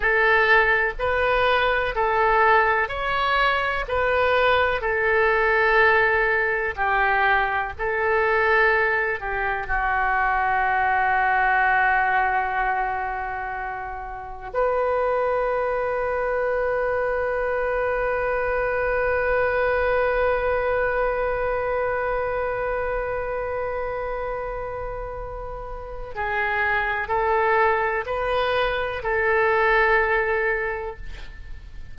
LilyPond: \new Staff \with { instrumentName = "oboe" } { \time 4/4 \tempo 4 = 62 a'4 b'4 a'4 cis''4 | b'4 a'2 g'4 | a'4. g'8 fis'2~ | fis'2. b'4~ |
b'1~ | b'1~ | b'2. gis'4 | a'4 b'4 a'2 | }